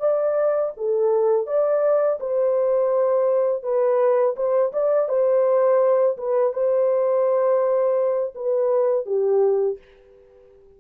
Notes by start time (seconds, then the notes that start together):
0.00 D5
0.77 A4
1.47 D5
2.20 C5
3.63 B4
4.36 C5
4.73 D5
5.09 C5
6.17 B4
6.53 C5
8.35 B4
9.06 G4